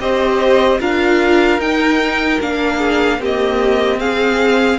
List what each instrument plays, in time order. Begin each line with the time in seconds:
0.00 cello C4, viola G4, violin C5 D#5
0.80 cello D4, viola F4, violin A#4 F5
1.59 cello D#4, viola D#4, violin G5
2.41 cello A#3, viola D4, violin F5
2.78 violin G#4
3.19 viola A#3, cello C4, violin G4
3.25 violin D#5
3.99 viola C4, violin G#4 F5